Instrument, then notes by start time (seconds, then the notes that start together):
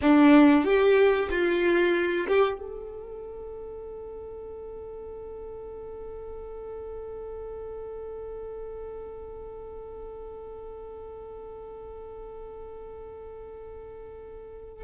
violin
0.01 D4
0.64 G4
1.29 F4
2.27 G4
2.59 A4